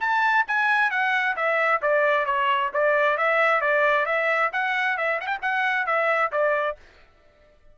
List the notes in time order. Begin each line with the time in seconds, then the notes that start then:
0.00 A5
0.47 G#5
0.90 F#5
1.36 E5
1.82 D5
2.25 C#5
2.73 D5
3.17 E5
3.61 D5
4.05 E5
4.52 F#5
4.97 E5
5.20 F#5
5.26 G5
5.42 F#5
5.86 E5
6.31 D5